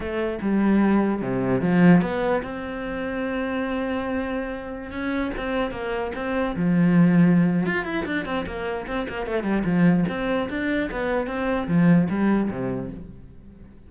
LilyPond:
\new Staff \with { instrumentName = "cello" } { \time 4/4 \tempo 4 = 149 a4 g2 c4 | f4 b4 c'2~ | c'1~ | c'16 cis'4 c'4 ais4 c'8.~ |
c'16 f2~ f8. f'8 e'8 | d'8 c'8 ais4 c'8 ais8 a8 g8 | f4 c'4 d'4 b4 | c'4 f4 g4 c4 | }